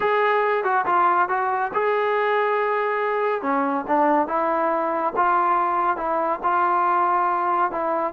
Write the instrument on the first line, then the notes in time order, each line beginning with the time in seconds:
trombone
0.00 G#4
0.64 F#4
0.86 F4
1.28 F#4
1.73 G#4
3.41 C#4
3.87 D4
4.27 E4
5.16 F4
5.96 E4
6.43 F4
7.71 E4